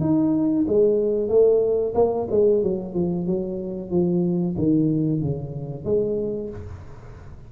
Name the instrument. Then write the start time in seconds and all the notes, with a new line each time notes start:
tuba
0.00 D#4
0.67 G#3
1.29 A3
1.94 A#3
2.30 G#3
2.63 F#3
2.94 F3
3.26 F#3
3.90 F3
4.57 D#3
5.21 C#3
5.85 G#3